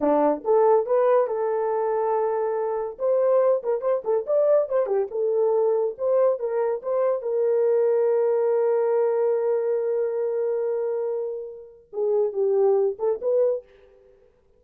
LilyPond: \new Staff \with { instrumentName = "horn" } { \time 4/4 \tempo 4 = 141 d'4 a'4 b'4 a'4~ | a'2. c''4~ | c''8 ais'8 c''8 a'8 d''4 c''8 g'8 | a'2 c''4 ais'4 |
c''4 ais'2.~ | ais'1~ | ais'1 | gis'4 g'4. a'8 b'4 | }